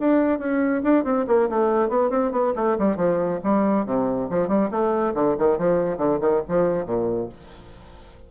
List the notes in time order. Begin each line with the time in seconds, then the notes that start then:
0.00 D4
0.39 C#4
0.84 D4
1.04 C4
1.28 A#3
1.50 A3
1.89 B3
2.10 C4
2.32 B3
2.56 A3
2.79 G3
2.96 F3
3.44 G3
3.86 C3
4.30 F3
4.48 G3
4.71 A3
5.14 D3
5.39 D#3
5.58 F3
5.98 D3
6.21 D#3
6.48 F3
6.86 A#2